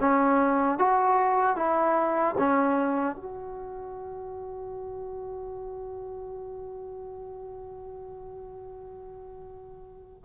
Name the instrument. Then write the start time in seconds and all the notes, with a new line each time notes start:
trombone
0.00 C#4
0.79 F#4
1.57 E4
2.38 C#4
3.16 F#4